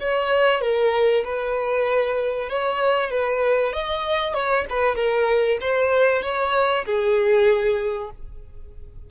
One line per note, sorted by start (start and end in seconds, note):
0.00 0.61 C#5
0.61 1.24 A#4
1.24 2.49 B4
2.49 3.11 C#5
3.11 3.73 B4
3.73 4.34 D#5
4.34 4.65 C#5
4.70 4.95 B4
4.95 5.58 A#4
5.61 6.23 C5
6.23 6.85 C#5
6.86 8.11 G#4